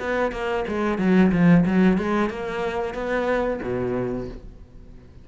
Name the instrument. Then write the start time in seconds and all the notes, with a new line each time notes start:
cello
0.00 B3
0.32 A#3
0.68 G#3
0.99 F#3
1.32 F3
1.66 F#3
1.98 G#3
2.30 A#3
2.94 B3
3.63 B2